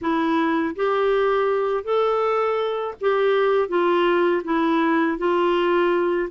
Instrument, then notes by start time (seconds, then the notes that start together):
clarinet
0.01 E4
0.75 G4
1.84 A4
3.00 G4
3.68 F4
4.43 E4
5.18 F4